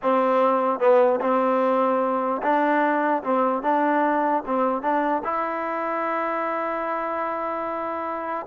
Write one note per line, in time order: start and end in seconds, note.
0.02 0.79 C4
0.79 1.20 B3
1.20 2.41 C4
2.42 3.23 D4
3.23 3.62 C4
3.62 4.43 D4
4.46 4.82 C4
4.82 5.22 D4
5.24 8.46 E4